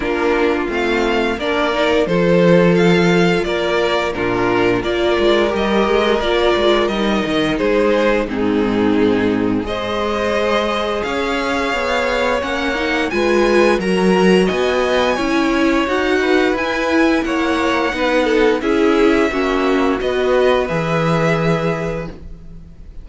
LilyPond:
<<
  \new Staff \with { instrumentName = "violin" } { \time 4/4 \tempo 4 = 87 ais'4 f''4 d''4 c''4 | f''4 d''4 ais'4 d''4 | dis''4 d''4 dis''4 c''4 | gis'2 dis''2 |
f''2 fis''4 gis''4 | ais''4 gis''2 fis''4 | gis''4 fis''2 e''4~ | e''4 dis''4 e''2 | }
  \new Staff \with { instrumentName = "violin" } { \time 4/4 f'2 ais'4 a'4~ | a'4 ais'4 f'4 ais'4~ | ais'2. gis'4 | dis'2 c''2 |
cis''2. b'4 | ais'4 dis''4 cis''4. b'8~ | b'4 cis''4 b'8 a'8 gis'4 | fis'4 b'2. | }
  \new Staff \with { instrumentName = "viola" } { \time 4/4 d'4 c'4 d'8 dis'8 f'4~ | f'2 d'4 f'4 | g'4 f'4 dis'2 | c'2 gis'2~ |
gis'2 cis'8 dis'8 f'4 | fis'2 e'4 fis'4 | e'2 dis'4 e'4 | cis'4 fis'4 gis'2 | }
  \new Staff \with { instrumentName = "cello" } { \time 4/4 ais4 a4 ais4 f4~ | f4 ais4 ais,4 ais8 gis8 | g8 gis8 ais8 gis8 g8 dis8 gis4 | gis,2 gis2 |
cis'4 b4 ais4 gis4 | fis4 b4 cis'4 dis'4 | e'4 ais4 b4 cis'4 | ais4 b4 e2 | }
>>